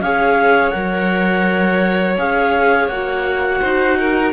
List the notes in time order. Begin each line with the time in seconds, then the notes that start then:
0.00 C#4 G#4 C#5 F5
0.70 F#3 A#4 F#5
2.17 C#4 G#4 F5
2.87 A#3 F#4 F#5
3.61 D#4 C5
3.98 A#4